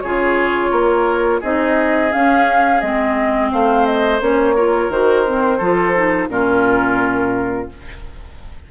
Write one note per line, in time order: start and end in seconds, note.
0.00 0.71 C#3
0.00 1.42 F4
0.00 0.71 G#4
0.00 1.40 C#5
0.71 1.41 A#3
0.71 1.40 A#4
1.40 2.13 C4
1.40 2.11 D#4
1.40 3.49 G#4
1.40 2.12 D#5
2.11 2.81 C#4
2.11 2.82 C#4
2.11 2.80 F5
2.80 3.52 G#3
2.80 4.20 C4
2.80 3.50 D#5
3.51 4.21 A3
3.51 4.55 C5
3.51 3.85 F5
3.85 4.20 D#5
4.20 4.89 A#3
4.20 4.55 C#4
4.20 4.91 C#5
4.55 4.91 F4
4.55 5.58 A#4
4.89 5.59 D#3
4.89 5.26 F#4
4.89 6.29 C5
5.26 5.61 C4
5.58 6.29 F3
5.58 5.95 F4
5.58 6.27 A4
5.95 6.29 D#4
6.29 7.68 A#2
6.29 7.68 C#4
6.29 7.71 F4
6.29 7.69 A#4